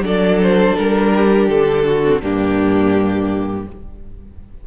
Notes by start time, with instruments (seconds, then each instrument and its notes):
0.00 cello F#3, viola D4, violin A4 D5
0.42 violin C5
0.77 cello G3, violin A#4
1.15 violin G4
1.49 cello D3, violin A4
1.86 violin F#4
2.04 viola C4
2.22 cello G2, viola A#3, violin D4 G4